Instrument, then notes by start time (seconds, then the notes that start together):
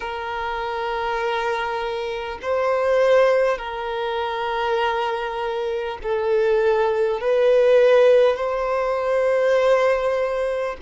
violin
0.00 A#4
2.42 C5
3.58 A#4
6.02 A4
7.20 B4
8.36 C5